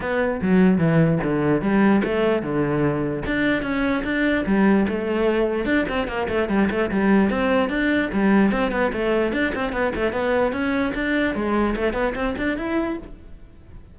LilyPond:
\new Staff \with { instrumentName = "cello" } { \time 4/4 \tempo 4 = 148 b4 fis4 e4 d4 | g4 a4 d2 | d'4 cis'4 d'4 g4 | a2 d'8 c'8 ais8 a8 |
g8 a8 g4 c'4 d'4 | g4 c'8 b8 a4 d'8 c'8 | b8 a8 b4 cis'4 d'4 | gis4 a8 b8 c'8 d'8 e'4 | }